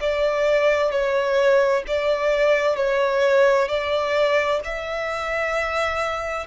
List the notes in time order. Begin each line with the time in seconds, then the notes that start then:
0.00 D5
0.91 C#5
1.87 D5
2.76 C#5
3.68 D5
4.64 E5